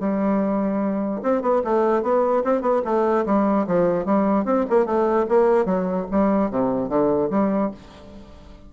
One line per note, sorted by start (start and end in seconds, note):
0.00 1.22 G3
1.23 1.42 C4
1.42 1.62 B3
1.64 2.03 A3
2.03 2.44 B3
2.45 2.62 C4
2.62 2.82 B3
2.85 3.25 A3
3.26 3.67 G3
3.67 4.06 F3
4.06 4.45 G3
4.45 4.65 C4
4.70 4.86 A#3
4.86 5.26 A3
5.29 5.66 A#3
5.66 6.06 F#3
6.11 6.51 G3
6.51 6.89 C3
6.89 7.30 D3
7.31 7.71 G3